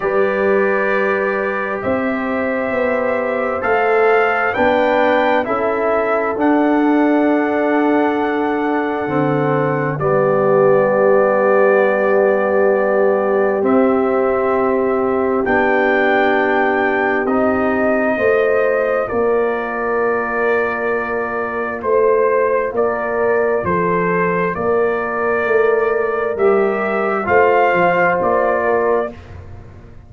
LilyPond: <<
  \new Staff \with { instrumentName = "trumpet" } { \time 4/4 \tempo 4 = 66 d''2 e''2 | f''4 g''4 e''4 fis''4~ | fis''2. d''4~ | d''2. e''4~ |
e''4 g''2 dis''4~ | dis''4 d''2. | c''4 d''4 c''4 d''4~ | d''4 e''4 f''4 d''4 | }
  \new Staff \with { instrumentName = "horn" } { \time 4/4 b'2 c''2~ | c''4 b'4 a'2~ | a'2. g'4~ | g'1~ |
g'1 | c''4 ais'2. | c''4 ais'4 a'4 ais'4~ | ais'2 c''4. ais'8 | }
  \new Staff \with { instrumentName = "trombone" } { \time 4/4 g'1 | a'4 d'4 e'4 d'4~ | d'2 c'4 b4~ | b2. c'4~ |
c'4 d'2 dis'4 | f'1~ | f'1~ | f'4 g'4 f'2 | }
  \new Staff \with { instrumentName = "tuba" } { \time 4/4 g2 c'4 b4 | a4 b4 cis'4 d'4~ | d'2 d4 g4~ | g2. c'4~ |
c'4 b2 c'4 | a4 ais2. | a4 ais4 f4 ais4 | a4 g4 a8 f8 ais4 | }
>>